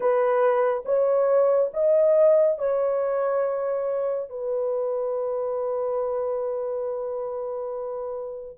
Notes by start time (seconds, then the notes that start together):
0.00 B4
0.85 C#5
1.73 D#5
2.58 C#5
4.29 B4